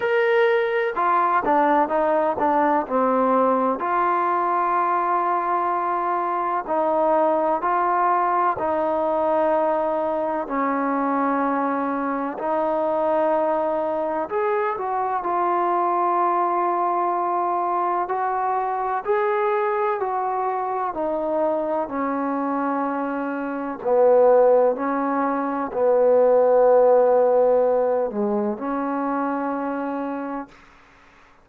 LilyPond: \new Staff \with { instrumentName = "trombone" } { \time 4/4 \tempo 4 = 63 ais'4 f'8 d'8 dis'8 d'8 c'4 | f'2. dis'4 | f'4 dis'2 cis'4~ | cis'4 dis'2 gis'8 fis'8 |
f'2. fis'4 | gis'4 fis'4 dis'4 cis'4~ | cis'4 b4 cis'4 b4~ | b4. gis8 cis'2 | }